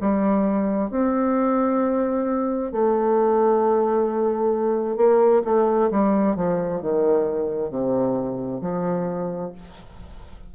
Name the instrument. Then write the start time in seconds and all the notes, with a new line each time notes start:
bassoon
0.00 G3
0.90 C4
2.71 A3
4.96 A#3
5.44 A3
5.90 G3
6.36 F3
6.81 D#3
7.70 C3
8.61 F3